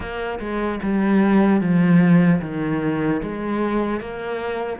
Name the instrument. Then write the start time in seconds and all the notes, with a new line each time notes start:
cello
0.00 A#3
0.39 G#3
0.83 G3
1.60 F3
2.41 D#3
3.22 G#3
4.00 A#3